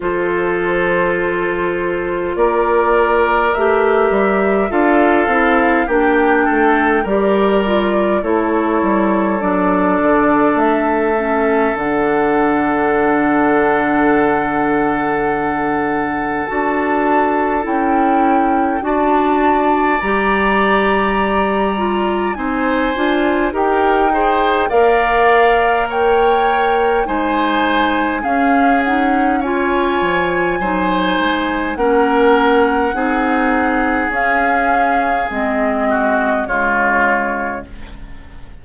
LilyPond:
<<
  \new Staff \with { instrumentName = "flute" } { \time 4/4 \tempo 4 = 51 c''2 d''4 e''4 | f''4 g''4 d''4 cis''4 | d''4 e''4 fis''2~ | fis''2 a''4 g''4 |
a''4 ais''2 gis''4 | g''4 f''4 g''4 gis''4 | f''8 fis''8 gis''2 fis''4~ | fis''4 f''4 dis''4 cis''4 | }
  \new Staff \with { instrumentName = "oboe" } { \time 4/4 a'2 ais'2 | a'4 g'8 a'8 ais'4 a'4~ | a'1~ | a'1 |
d''2. c''4 | ais'8 c''8 d''4 cis''4 c''4 | gis'4 cis''4 c''4 ais'4 | gis'2~ gis'8 fis'8 f'4 | }
  \new Staff \with { instrumentName = "clarinet" } { \time 4/4 f'2. g'4 | f'8 e'8 d'4 g'8 f'8 e'4 | d'4. cis'8 d'2~ | d'2 fis'4 e'4 |
fis'4 g'4. f'8 dis'8 f'8 | g'8 gis'8 ais'2 dis'4 | cis'8 dis'8 f'4 dis'4 cis'4 | dis'4 cis'4 c'4 gis4 | }
  \new Staff \with { instrumentName = "bassoon" } { \time 4/4 f2 ais4 a8 g8 | d'8 c'8 ais8 a8 g4 a8 g8 | fis8 d8 a4 d2~ | d2 d'4 cis'4 |
d'4 g2 c'8 d'8 | dis'4 ais2 gis4 | cis'4. f8 fis8 gis8 ais4 | c'4 cis'4 gis4 cis4 | }
>>